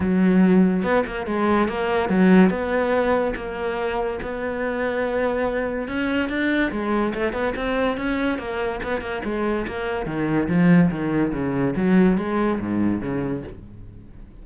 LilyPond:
\new Staff \with { instrumentName = "cello" } { \time 4/4 \tempo 4 = 143 fis2 b8 ais8 gis4 | ais4 fis4 b2 | ais2 b2~ | b2 cis'4 d'4 |
gis4 a8 b8 c'4 cis'4 | ais4 b8 ais8 gis4 ais4 | dis4 f4 dis4 cis4 | fis4 gis4 gis,4 cis4 | }